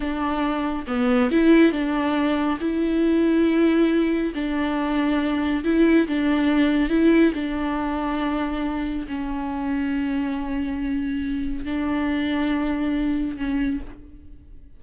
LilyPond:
\new Staff \with { instrumentName = "viola" } { \time 4/4 \tempo 4 = 139 d'2 b4 e'4 | d'2 e'2~ | e'2 d'2~ | d'4 e'4 d'2 |
e'4 d'2.~ | d'4 cis'2.~ | cis'2. d'4~ | d'2. cis'4 | }